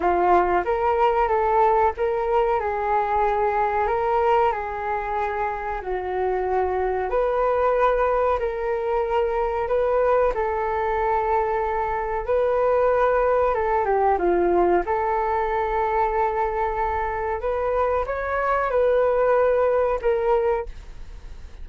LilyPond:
\new Staff \with { instrumentName = "flute" } { \time 4/4 \tempo 4 = 93 f'4 ais'4 a'4 ais'4 | gis'2 ais'4 gis'4~ | gis'4 fis'2 b'4~ | b'4 ais'2 b'4 |
a'2. b'4~ | b'4 a'8 g'8 f'4 a'4~ | a'2. b'4 | cis''4 b'2 ais'4 | }